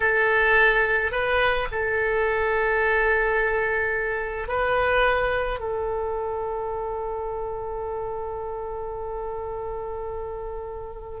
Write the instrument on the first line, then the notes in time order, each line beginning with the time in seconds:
oboe
0.00 A4
1.11 B4
1.71 A4
4.48 B4
5.59 A4